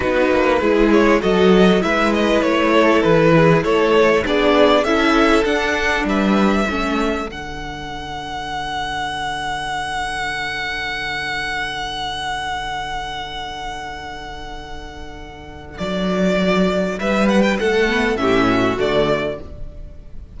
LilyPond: <<
  \new Staff \with { instrumentName = "violin" } { \time 4/4 \tempo 4 = 99 b'4. cis''8 dis''4 e''8 dis''8 | cis''4 b'4 cis''4 d''4 | e''4 fis''4 e''2 | fis''1~ |
fis''1~ | fis''1~ | fis''2 d''2 | e''8 fis''16 g''16 fis''4 e''4 d''4 | }
  \new Staff \with { instrumentName = "violin" } { \time 4/4 fis'4 gis'4 a'4 b'4~ | b'8 a'4 gis'8 a'4 gis'4 | a'2 b'4 a'4~ | a'1~ |
a'1~ | a'1~ | a'1 | b'4 a'4 g'8 fis'4. | }
  \new Staff \with { instrumentName = "viola" } { \time 4/4 dis'4 e'4 fis'4 e'4~ | e'2. d'4 | e'4 d'2 cis'4 | d'1~ |
d'1~ | d'1~ | d'1~ | d'4. b8 cis'4 a4 | }
  \new Staff \with { instrumentName = "cello" } { \time 4/4 b8 ais8 gis4 fis4 gis4 | a4 e4 a4 b4 | cis'4 d'4 g4 a4 | d1~ |
d1~ | d1~ | d2 fis2 | g4 a4 a,4 d4 | }
>>